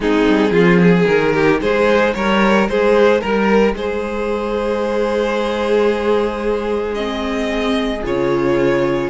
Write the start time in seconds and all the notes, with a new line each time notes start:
0.00 G#3 C4 D#4 G#4
0.26 G3
0.51 F3 F4
0.81 G#4
1.05 D#3 D#4 A#4
1.33 G4
1.60 G#3 G#4 C5
2.14 G3 A#4 C#5
2.69 G#3 G#4 C5
3.20 G3 A#4
3.74 G#3 G#4 C5
6.94 C4 D#5
8.04 C#3 F4 C#5